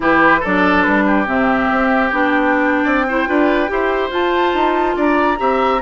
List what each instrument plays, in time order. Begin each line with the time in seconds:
0.00 bassoon E3, clarinet E4, oboe G4, flute B4
0.40 bassoon F#3, oboe A4, flute D5
0.46 clarinet D4
0.83 bassoon G3, flute B4
1.06 oboe G4
1.26 bassoon C3, clarinet C4, flute E5
1.70 bassoon C4
2.08 bassoon B3, clarinet D4, flute G5
2.84 bassoon C4, oboe D5
3.08 clarinet E4, oboe C5
3.26 bassoon D4, clarinet F4, oboe B4
3.67 bassoon E4, clarinet G4, oboe C5
4.10 bassoon F4, clarinet F4, flute A5
4.53 bassoon D#4
4.96 bassoon D4, oboe D5, flute A#5
5.37 bassoon C4, clarinet G4, oboe E5